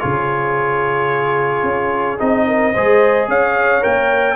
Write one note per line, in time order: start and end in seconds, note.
0.00 1.64 C#3
0.00 2.18 F4
0.00 2.45 G#4
0.00 2.19 C#5
1.64 2.18 C#4
2.19 2.76 C4
2.19 2.74 D#4
2.19 3.29 D#5
2.47 2.74 A#4
2.74 3.28 G#3
2.74 3.81 G#4
2.74 3.29 C5
3.28 3.83 C#4
3.28 4.36 C#5
3.28 3.84 F5
3.81 4.36 A#3
3.81 4.36 A#4
3.81 4.36 G5